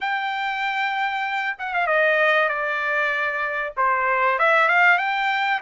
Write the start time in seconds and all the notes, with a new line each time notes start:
0.00 G5
1.59 F#5
1.74 F5
1.86 D#5
2.48 D5
3.77 C5
4.39 E5
4.68 F5
4.98 G5